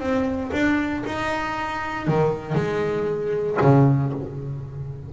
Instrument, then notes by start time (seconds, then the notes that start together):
double bass
0.00 C4
0.52 D4
1.06 D#4
2.07 D#3
2.55 G#3
3.62 C#3